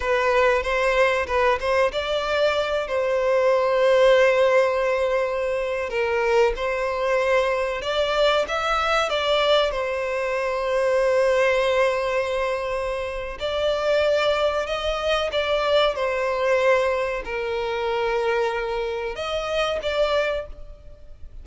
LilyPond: \new Staff \with { instrumentName = "violin" } { \time 4/4 \tempo 4 = 94 b'4 c''4 b'8 c''8 d''4~ | d''8 c''2.~ c''8~ | c''4~ c''16 ais'4 c''4.~ c''16~ | c''16 d''4 e''4 d''4 c''8.~ |
c''1~ | c''4 d''2 dis''4 | d''4 c''2 ais'4~ | ais'2 dis''4 d''4 | }